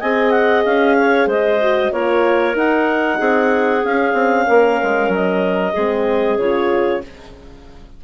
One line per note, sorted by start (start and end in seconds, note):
0.00 0.65 C4
0.00 1.61 G#4
0.00 0.96 D#5
0.00 0.30 G#5
0.30 0.62 F#5
0.65 1.26 C#4
0.65 1.29 F5
0.98 1.27 C#5
1.26 1.90 G#3
1.26 1.91 C5
1.26 1.92 D#5
1.61 1.92 F#4
1.92 2.55 A#3
1.92 2.54 F4
1.92 3.18 A#4
1.92 2.56 C#5
2.54 3.81 D#4
2.54 3.19 D#4
2.54 3.85 F#5
3.18 3.84 C4
3.18 4.46 G#4
3.84 4.13 C#4
3.84 5.76 C#4
3.84 5.12 F5
4.13 4.45 C4
4.46 4.80 A#3
4.46 5.73 A#4
4.82 5.08 G#3
5.08 5.72 F#3
5.08 6.38 D#5
5.73 6.37 G#3
5.73 6.40 C4
5.73 7.01 G#4
6.37 7.01 C#3
6.37 7.03 F4
6.37 7.02 C#5